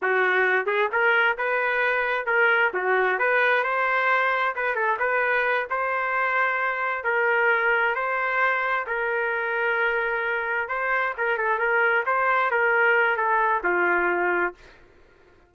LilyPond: \new Staff \with { instrumentName = "trumpet" } { \time 4/4 \tempo 4 = 132 fis'4. gis'8 ais'4 b'4~ | b'4 ais'4 fis'4 b'4 | c''2 b'8 a'8 b'4~ | b'8 c''2. ais'8~ |
ais'4. c''2 ais'8~ | ais'2.~ ais'8 c''8~ | c''8 ais'8 a'8 ais'4 c''4 ais'8~ | ais'4 a'4 f'2 | }